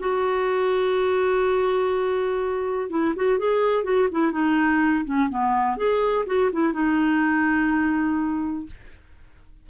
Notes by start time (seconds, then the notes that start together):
0.00 F#4
2.91 E4
3.16 F#4
3.39 G#4
3.84 F#4
4.12 E4
4.32 D#4
5.05 C#4
5.30 B3
5.77 G#4
6.27 F#4
6.53 E4
6.73 D#4